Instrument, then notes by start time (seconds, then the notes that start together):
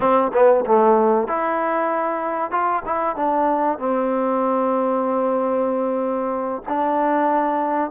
trombone
0.00 C4
0.33 B3
0.65 A3
1.27 E4
2.51 F4
2.85 E4
3.16 D4
3.78 C4
6.68 D4